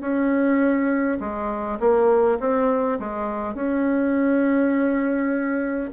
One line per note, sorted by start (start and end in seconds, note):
0.00 1.18 C#4
1.20 1.79 G#3
1.79 2.38 A#3
2.40 2.98 C4
2.99 3.55 G#3
3.55 5.90 C#4